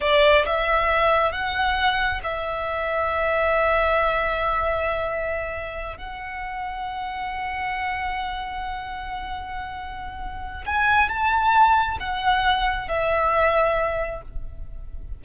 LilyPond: \new Staff \with { instrumentName = "violin" } { \time 4/4 \tempo 4 = 135 d''4 e''2 fis''4~ | fis''4 e''2.~ | e''1~ | e''4. fis''2~ fis''8~ |
fis''1~ | fis''1 | gis''4 a''2 fis''4~ | fis''4 e''2. | }